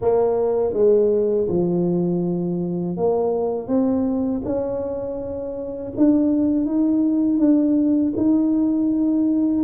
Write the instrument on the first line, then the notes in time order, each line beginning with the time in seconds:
tuba
0.01 A#3
0.73 G#3
1.48 F3
2.96 A#3
3.67 C4
4.44 C#4
5.96 D4
6.65 D#4
7.39 D4
8.16 D#4